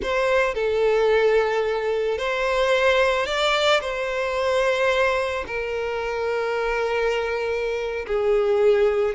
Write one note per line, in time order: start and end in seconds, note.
0.02 0.54 C5
0.54 2.18 A4
2.18 3.26 C5
3.26 3.80 D5
3.81 5.44 C5
5.46 8.06 A#4
8.06 9.14 G#4